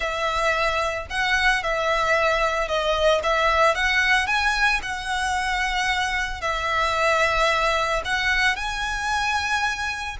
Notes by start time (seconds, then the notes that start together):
0.00 E5
1.10 F#5
1.63 E5
2.67 D#5
3.23 E5
3.74 F#5
4.26 G#5
4.82 F#5
6.41 E5
8.04 F#5
8.56 G#5